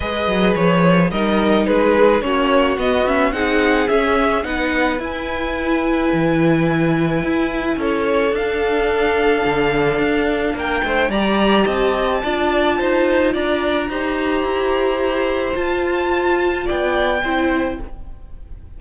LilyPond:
<<
  \new Staff \with { instrumentName = "violin" } { \time 4/4 \tempo 4 = 108 dis''4 cis''4 dis''4 b'4 | cis''4 dis''8 e''8 fis''4 e''4 | fis''4 gis''2.~ | gis''2 cis''4 f''4~ |
f''2. g''4 | ais''4 a''2. | ais''1 | a''2 g''2 | }
  \new Staff \with { instrumentName = "violin" } { \time 4/4 b'2 ais'4 gis'4 | fis'2 gis'2 | b'1~ | b'2 a'2~ |
a'2. ais'8 c''8 | d''4 dis''4 d''4 c''4 | d''4 c''2.~ | c''2 d''4 c''4 | }
  \new Staff \with { instrumentName = "viola" } { \time 4/4 gis'2 dis'2 | cis'4 b8 cis'8 dis'4 cis'4 | dis'4 e'2.~ | e'2. d'4~ |
d'1 | g'2 f'2~ | f'4 g'2. | f'2. e'4 | }
  \new Staff \with { instrumentName = "cello" } { \time 4/4 gis8 fis8 f4 g4 gis4 | ais4 b4 c'4 cis'4 | b4 e'2 e4~ | e4 e'4 cis'4 d'4~ |
d'4 d4 d'4 ais8 a8 | g4 c'4 d'4 dis'4 | d'4 dis'4 e'2 | f'2 b4 c'4 | }
>>